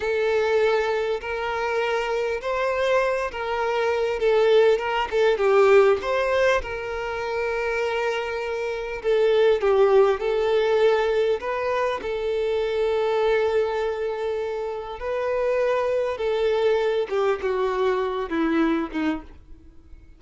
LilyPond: \new Staff \with { instrumentName = "violin" } { \time 4/4 \tempo 4 = 100 a'2 ais'2 | c''4. ais'4. a'4 | ais'8 a'8 g'4 c''4 ais'4~ | ais'2. a'4 |
g'4 a'2 b'4 | a'1~ | a'4 b'2 a'4~ | a'8 g'8 fis'4. e'4 dis'8 | }